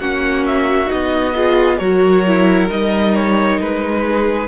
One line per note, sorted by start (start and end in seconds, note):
0.00 0.90 A#3
0.00 0.87 C#4
0.00 1.35 F#4
0.00 0.45 F#5
0.47 0.91 E5
0.87 1.31 D#4
0.87 1.78 D#5
0.94 1.81 B3
1.35 1.80 F4
1.35 1.79 G#4
1.78 2.70 F#3
1.78 2.26 F#4
1.78 4.03 A#4
1.78 2.68 C#5
2.27 2.70 E4
2.70 3.60 G3
2.70 4.49 D#4
2.70 3.15 D#5
3.16 3.61 C#5
3.61 4.49 G#3
3.61 4.49 B4
4.07 4.49 G#4